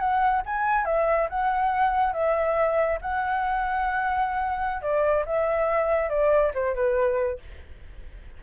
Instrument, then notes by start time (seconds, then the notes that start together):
flute
0.00 F#5
0.46 G#5
0.86 E5
1.30 F#5
2.14 E5
3.02 F#5
4.82 D5
5.26 E5
6.10 D5
6.55 C5
6.75 B4